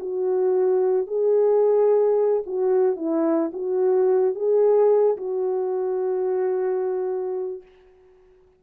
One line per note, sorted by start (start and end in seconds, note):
0.00 1.07 F#4
1.07 2.43 G#4
2.46 2.97 F#4
2.97 3.51 E4
3.53 4.35 F#4
4.35 5.17 G#4
5.17 7.62 F#4